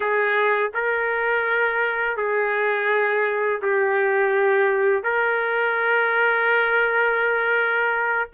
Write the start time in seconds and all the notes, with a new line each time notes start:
0.00 G#4
0.74 A#4
2.16 G#4
3.62 G4
5.03 A#4